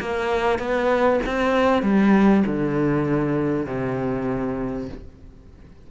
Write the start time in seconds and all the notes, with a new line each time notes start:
0.00 A#3
0.59 B3
1.26 C4
1.82 G3
2.46 D3
3.66 C3